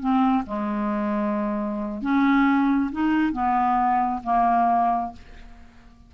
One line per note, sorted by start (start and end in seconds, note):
0.00 0.44 C4
0.46 2.02 G#3
2.02 2.91 C#4
2.92 3.33 D#4
3.33 4.22 B3
4.24 5.13 A#3